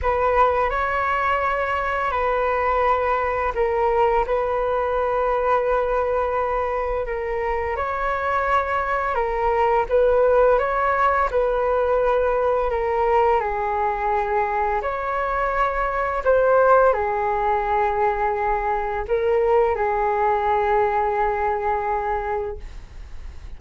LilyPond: \new Staff \with { instrumentName = "flute" } { \time 4/4 \tempo 4 = 85 b'4 cis''2 b'4~ | b'4 ais'4 b'2~ | b'2 ais'4 cis''4~ | cis''4 ais'4 b'4 cis''4 |
b'2 ais'4 gis'4~ | gis'4 cis''2 c''4 | gis'2. ais'4 | gis'1 | }